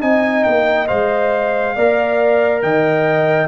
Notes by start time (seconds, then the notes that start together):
0.00 C4 D#4 D#5 G#5
0.43 A#3 G5
0.87 G#3 C5 F5
1.75 A#3 A#4 D5
2.62 D#3 D#5 G5